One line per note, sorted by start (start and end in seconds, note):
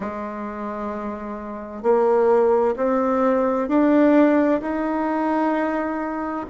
0.00 1.82 G#3
1.82 2.74 A#3
2.76 3.68 C4
3.68 4.60 D4
4.61 6.46 D#4